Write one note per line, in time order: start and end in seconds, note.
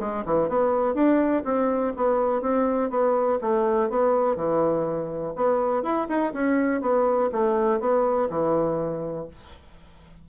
0.00 0.24 G#3
0.25 0.49 E3
0.49 0.94 B3
0.94 1.43 D4
1.45 1.93 C4
1.96 2.42 B3
2.42 2.90 C4
2.90 3.39 B3
3.41 3.90 A3
3.90 4.36 B3
4.36 5.34 E3
5.36 5.83 B3
5.83 6.07 E4
6.09 6.33 D#4
6.33 6.82 C#4
6.82 7.30 B3
7.32 7.80 A3
7.80 8.29 B3
8.30 9.27 E3